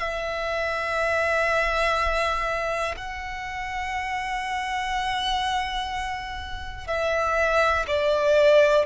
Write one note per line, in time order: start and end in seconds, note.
0.00 2.95 E5
2.97 6.88 F#5
6.88 7.86 E5
7.88 8.86 D5